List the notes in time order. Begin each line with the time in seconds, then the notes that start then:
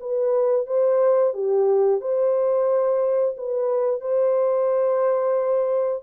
0.00 B4
0.66 C5
1.34 G4
2.01 C5
3.37 B4
4.01 C5